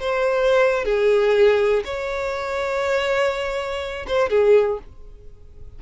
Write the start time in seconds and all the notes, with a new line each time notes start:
0.00 C5
0.85 G#4
1.85 C#5
4.07 C5
4.29 G#4